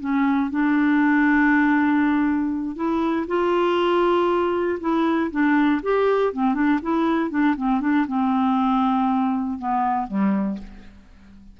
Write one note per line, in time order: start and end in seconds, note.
0.00 0.50 C#4
0.50 2.75 D4
2.75 3.26 E4
3.27 4.79 F4
4.80 5.30 E4
5.31 5.81 D4
5.82 6.33 G4
6.33 6.54 C4
6.54 6.79 D4
6.82 7.30 E4
7.30 7.55 D4
7.57 7.81 C4
7.81 8.06 D4
8.07 9.58 C4
9.58 10.07 B3
10.07 10.58 G3